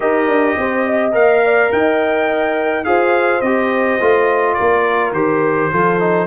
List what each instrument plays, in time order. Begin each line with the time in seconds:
0.00 tuba D#4, trombone G4, horn A#4, trumpet D#5
0.27 tuba D4
0.57 tuba C4, horn C5
0.86 horn D#5
1.12 tuba A#3, trombone A#4, trumpet F5
1.44 horn D5
1.71 tuba D#4, horn D#5, trumpet G5
2.84 tuba F4, trombone G#4, horn C5, trumpet F5
3.41 tuba C4, trombone G4, trumpet D#5
4.00 tuba A3, trombone F4
4.54 tuba A#3, horn A#4, trumpet D5
5.12 tuba D#3, trombone G4, trumpet C5
5.71 tuba F3, trombone F4, horn A4
5.99 trombone D#4